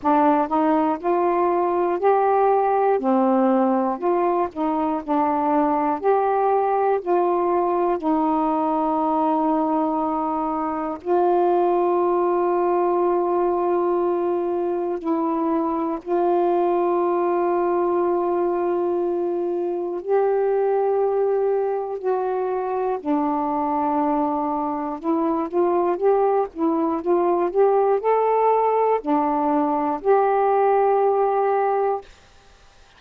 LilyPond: \new Staff \with { instrumentName = "saxophone" } { \time 4/4 \tempo 4 = 60 d'8 dis'8 f'4 g'4 c'4 | f'8 dis'8 d'4 g'4 f'4 | dis'2. f'4~ | f'2. e'4 |
f'1 | g'2 fis'4 d'4~ | d'4 e'8 f'8 g'8 e'8 f'8 g'8 | a'4 d'4 g'2 | }